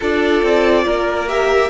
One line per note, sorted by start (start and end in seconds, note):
0.00 0.42 D4
0.00 1.27 F4
0.00 0.84 A4
0.00 1.28 D5
0.42 0.85 C4
0.85 1.69 A#3
0.85 1.69 A#4
1.27 1.69 G4
1.27 1.69 E5